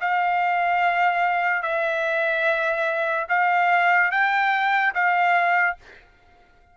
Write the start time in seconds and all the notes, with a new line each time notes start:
0.00 F5
1.62 E5
3.29 F5
4.11 G5
4.94 F5